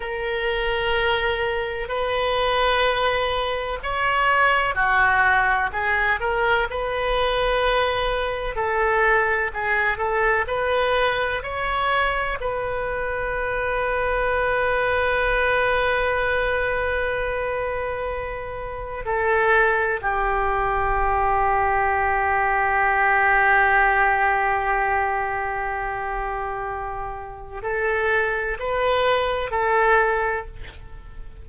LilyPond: \new Staff \with { instrumentName = "oboe" } { \time 4/4 \tempo 4 = 63 ais'2 b'2 | cis''4 fis'4 gis'8 ais'8 b'4~ | b'4 a'4 gis'8 a'8 b'4 | cis''4 b'2.~ |
b'1 | a'4 g'2.~ | g'1~ | g'4 a'4 b'4 a'4 | }